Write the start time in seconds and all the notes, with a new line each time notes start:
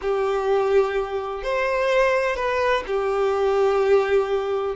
0.01 G4
1.43 C5
2.36 B4
2.87 G4